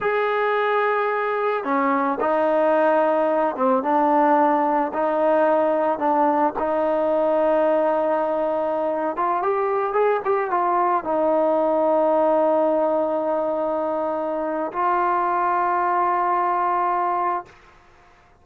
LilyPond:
\new Staff \with { instrumentName = "trombone" } { \time 4/4 \tempo 4 = 110 gis'2. cis'4 | dis'2~ dis'8 c'8 d'4~ | d'4 dis'2 d'4 | dis'1~ |
dis'8. f'8 g'4 gis'8 g'8 f'8.~ | f'16 dis'2.~ dis'8.~ | dis'2. f'4~ | f'1 | }